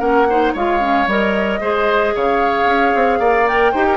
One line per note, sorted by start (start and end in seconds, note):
0.00 0.54 A#3
0.00 0.27 C#4
0.00 0.27 A#4
0.00 0.53 F#5
0.30 0.57 D#4
0.30 0.54 C5
0.54 1.07 G#3
0.54 0.80 F4
0.54 1.60 C#5
0.54 1.10 F5
0.80 1.07 C#4
1.07 1.60 G3
1.07 1.61 A#4
1.07 2.16 D#5
1.61 2.15 G#3
1.61 3.47 G#4
1.61 2.14 C5
2.16 2.65 C#3
2.16 3.20 C#5
2.16 3.48 F5
2.65 2.92 C#4
2.96 3.20 C4
3.20 3.73 A#3
3.20 3.73 D5
3.47 3.74 A#4
3.47 3.98 G5
3.73 3.98 D#4
3.73 3.98 G4
3.73 3.86 C5
3.87 3.98 A#4